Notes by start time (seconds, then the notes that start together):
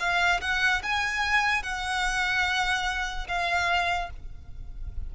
0.00 F5
0.41 F#5
0.83 G#5
1.63 F#5
3.28 F5